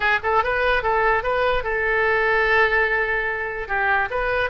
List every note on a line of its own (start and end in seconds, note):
0.00 0.19 G#4
0.23 0.43 A4
0.43 0.82 B4
0.82 1.23 A4
1.23 1.63 B4
1.63 3.67 A4
3.67 4.08 G4
4.10 4.50 B4